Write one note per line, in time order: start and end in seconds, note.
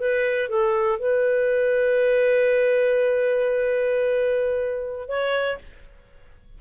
0.00 0.49 B4
0.49 0.99 A4
0.99 5.08 B4
5.08 5.58 C#5